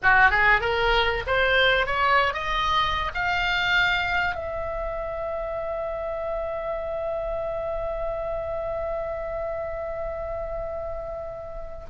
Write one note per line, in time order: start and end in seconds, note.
0.03 0.30 F#4
0.30 0.61 G#4
0.61 1.23 A#4
1.26 1.86 C5
1.86 2.33 C#5
2.33 3.11 D#5
3.14 4.34 F5
4.34 11.84 E5